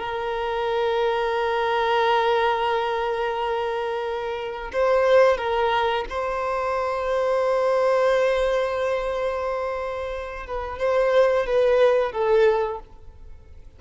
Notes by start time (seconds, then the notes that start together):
0.00 A#4
4.73 C5
5.38 A#4
6.10 C5
10.47 B4
10.79 C5
11.46 B4
12.13 A4